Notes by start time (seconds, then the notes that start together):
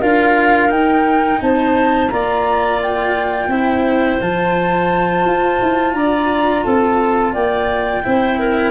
0.00 D4 F4 A#4 F5
0.69 D#4 G5
1.41 C4 C5 A5
2.10 A#3 F4 D5 A#5
2.82 G5
3.48 C4 E4 C5
4.21 F3 F4 A5
5.25 F4
5.62 E4
5.94 D4 D5 A#5
6.64 C4 A4 A5
7.33 A#3 D5 G5
8.04 C4 E4 C5
8.39 A#4